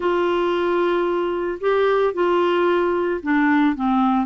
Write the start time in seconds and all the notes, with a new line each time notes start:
0.00 F4
1.60 G4
2.13 F4
3.22 D4
3.75 C4